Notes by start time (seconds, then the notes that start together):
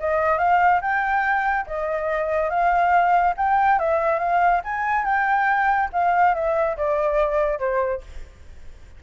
0.00 D#5
0.38 F5
0.81 G5
1.67 D#5
2.50 F5
3.37 G5
3.79 E5
4.19 F5
4.64 G#5
5.05 G5
5.93 F5
6.35 E5
6.77 D5
7.59 C5